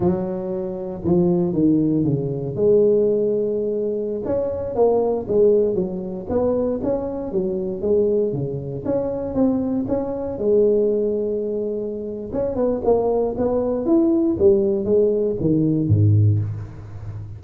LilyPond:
\new Staff \with { instrumentName = "tuba" } { \time 4/4 \tempo 4 = 117 fis2 f4 dis4 | cis4 gis2.~ | gis16 cis'4 ais4 gis4 fis8.~ | fis16 b4 cis'4 fis4 gis8.~ |
gis16 cis4 cis'4 c'4 cis'8.~ | cis'16 gis2.~ gis8. | cis'8 b8 ais4 b4 e'4 | g4 gis4 dis4 gis,4 | }